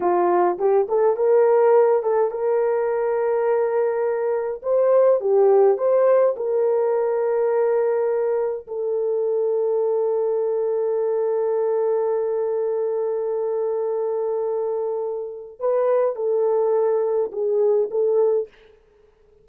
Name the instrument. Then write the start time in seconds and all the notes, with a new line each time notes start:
horn
0.00 F4
0.58 G4
0.88 A4
1.16 A#4
2.02 A4
2.31 A#4
4.62 C5
5.20 G4
5.77 C5
6.36 A#4
8.67 A4
15.59 B4
16.15 A4
17.32 G#4
17.91 A4